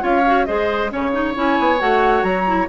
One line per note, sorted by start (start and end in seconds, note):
0.00 0.47 C#4
0.00 0.22 F4
0.00 0.47 C#5
0.00 0.45 F5
0.26 0.47 F#4
0.45 0.93 G#3
0.45 0.89 G#4
0.45 0.92 C5
0.45 0.90 D#5
0.89 1.36 C#3
0.89 1.11 C#4
0.89 1.36 C#5
0.89 2.69 C#5
1.12 1.34 D#4
1.35 1.59 C#4
1.35 1.79 E4
1.35 1.80 G#5
1.59 1.81 B3
1.79 2.23 A3
1.79 2.45 F#4
1.79 2.23 F#5
2.23 2.67 F#3
2.23 2.67 A#5
2.46 2.68 E4